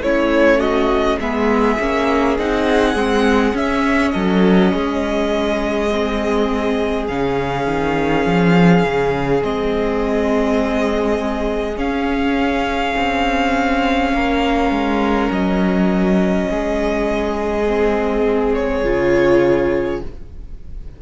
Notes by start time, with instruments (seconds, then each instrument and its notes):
0.00 cello A3, viola C#4, violin E4 C#5
0.58 violin F#4 D#5
1.19 cello G#3, viola B3, violin G#4 E5
1.79 cello A#3, viola C#4
2.38 cello C4, viola D#4, violin F#5
2.94 cello G#3, viola C4
3.53 viola C#4, cello C#4, violin E5
4.11 cello F#3, violin A4 D#5
4.72 cello G#3, violin G#4
5.91 viola C4
7.07 cello C#3, viola C#4, violin F5
7.66 cello D#3
8.25 cello F3
8.83 cello C#3
9.41 cello G#3, viola C4, violin D#5
11.75 viola C#4, cello C#4, violin F5
12.96 cello C4
14.13 cello A#3, violin A#4
14.70 cello G#3
15.30 cello F#3, violin D#5
16.48 cello G#3, violin G#4
17.66 viola C4
18.54 violin C#5
18.84 cello C#3, viola F4